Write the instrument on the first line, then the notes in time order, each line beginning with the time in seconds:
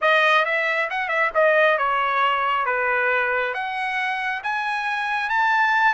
trumpet
0.01 D#5
0.45 E5
0.89 F#5
1.08 E5
1.34 D#5
1.78 C#5
2.65 B4
3.54 F#5
4.43 G#5
5.29 A5